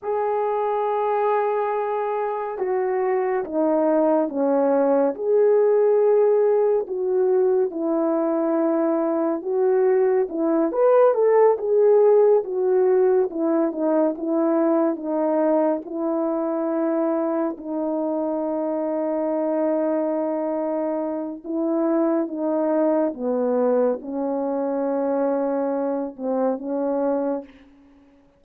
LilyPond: \new Staff \with { instrumentName = "horn" } { \time 4/4 \tempo 4 = 70 gis'2. fis'4 | dis'4 cis'4 gis'2 | fis'4 e'2 fis'4 | e'8 b'8 a'8 gis'4 fis'4 e'8 |
dis'8 e'4 dis'4 e'4.~ | e'8 dis'2.~ dis'8~ | dis'4 e'4 dis'4 b4 | cis'2~ cis'8 c'8 cis'4 | }